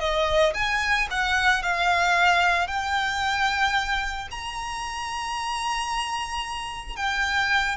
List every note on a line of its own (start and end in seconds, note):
0.00 0.54 D#5
0.55 1.08 G#5
1.11 1.63 F#5
1.63 2.68 F5
2.68 4.28 G5
4.31 6.96 A#5
6.96 7.77 G5